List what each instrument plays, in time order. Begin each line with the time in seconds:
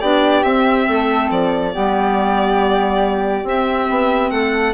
0.00 bassoon B3, clarinet D4, flute G4, violin D5
0.43 bassoon C4, clarinet C4, violin E5
0.89 bassoon A3, flute A4
1.30 bassoon F3, violin D5
1.72 bassoon G3, clarinet B3, flute G4
3.44 bassoon C4, clarinet C4, violin E5
3.90 bassoon B3
4.31 bassoon A3, flute A4, violin F#5